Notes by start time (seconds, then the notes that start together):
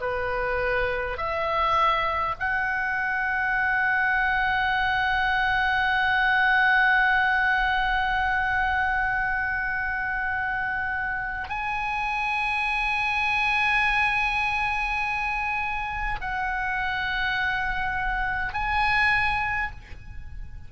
0.00 B4
1.17 E5
2.39 F#5
11.49 G#5
16.21 F#5
18.53 G#5